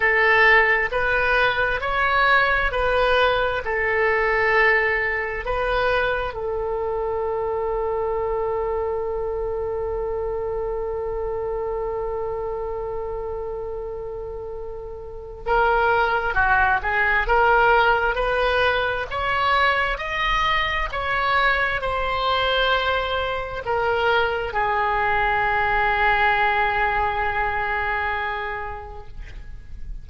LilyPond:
\new Staff \with { instrumentName = "oboe" } { \time 4/4 \tempo 4 = 66 a'4 b'4 cis''4 b'4 | a'2 b'4 a'4~ | a'1~ | a'1~ |
a'4 ais'4 fis'8 gis'8 ais'4 | b'4 cis''4 dis''4 cis''4 | c''2 ais'4 gis'4~ | gis'1 | }